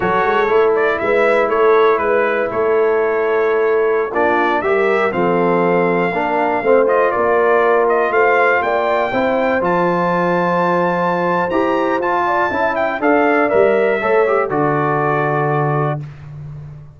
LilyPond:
<<
  \new Staff \with { instrumentName = "trumpet" } { \time 4/4 \tempo 4 = 120 cis''4. d''8 e''4 cis''4 | b'4 cis''2.~ | cis''16 d''4 e''4 f''4.~ f''16~ | f''4.~ f''16 dis''8 d''4. dis''16~ |
dis''16 f''4 g''2 a''8.~ | a''2. ais''4 | a''4. g''8 f''4 e''4~ | e''4 d''2. | }
  \new Staff \with { instrumentName = "horn" } { \time 4/4 a'2 b'4 a'4 | b'4 a'2.~ | a'16 f'4 ais'4 a'4.~ a'16~ | a'16 ais'4 c''4 ais'4.~ ais'16~ |
ais'16 c''4 d''4 c''4.~ c''16~ | c''1~ | c''8 d''8 e''4 d''2 | cis''4 a'2. | }
  \new Staff \with { instrumentName = "trombone" } { \time 4/4 fis'4 e'2.~ | e'1~ | e'16 d'4 g'4 c'4.~ c'16~ | c'16 d'4 c'8 f'2~ f'16~ |
f'2~ f'16 e'4 f'8.~ | f'2. g'4 | f'4 e'4 a'4 ais'4 | a'8 g'8 fis'2. | }
  \new Staff \with { instrumentName = "tuba" } { \time 4/4 fis8 gis8 a4 gis4 a4 | gis4 a2.~ | a16 ais4 g4 f4.~ f16~ | f16 ais4 a4 ais4.~ ais16~ |
ais16 a4 ais4 c'4 f8.~ | f2. e'4 | f'4 cis'4 d'4 g4 | a4 d2. | }
>>